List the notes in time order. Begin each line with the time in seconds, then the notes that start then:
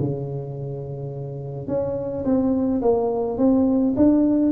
0.00 C#3
1.68 C#4
2.25 C4
2.82 A#3
3.38 C4
3.97 D4